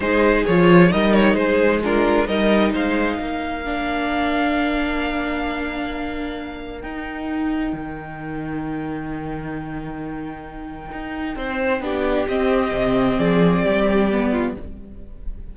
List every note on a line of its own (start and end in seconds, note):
0.00 0.44 G#3
0.00 0.46 D#4
0.00 0.91 G#4
0.00 0.44 C5
0.46 0.93 F3
0.46 0.89 F4
0.46 0.91 C#5
0.89 1.34 G3
0.89 1.80 D#4
0.89 1.34 A#4
0.89 1.14 D#5
1.14 1.34 C#5
1.34 2.25 G#3
1.34 1.79 G#4
1.34 1.80 C5
1.83 2.28 D4
1.83 2.26 F4
1.83 2.27 A#4
2.26 2.73 G3
2.26 3.64 D#4
2.26 2.72 A#4
2.26 2.72 D#5
2.72 3.19 G#3
2.72 3.17 C5
2.72 6.81 F5
3.17 6.83 A#3
3.17 11.35 A#4
3.64 6.82 D4
6.81 11.81 D#4
6.81 7.72 D#4
6.81 12.26 G5
7.72 10.91 D#3
10.91 11.35 D#4
11.35 11.80 C4
11.35 11.83 C5
11.80 12.25 B3
11.80 12.27 D4
11.80 13.18 G4
12.28 12.71 C4
12.28 14.10 C4
12.28 13.18 D#5
12.71 13.16 C3
13.18 13.64 F3
13.18 13.63 G#4
13.18 14.55 D5
13.63 14.57 G3
13.63 14.31 G4
14.11 14.56 B3
14.31 14.54 F4